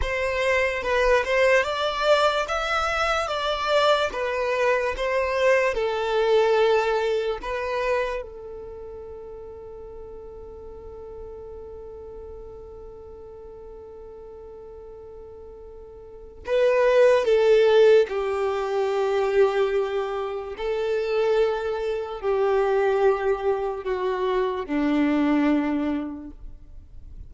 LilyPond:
\new Staff \with { instrumentName = "violin" } { \time 4/4 \tempo 4 = 73 c''4 b'8 c''8 d''4 e''4 | d''4 b'4 c''4 a'4~ | a'4 b'4 a'2~ | a'1~ |
a'1 | b'4 a'4 g'2~ | g'4 a'2 g'4~ | g'4 fis'4 d'2 | }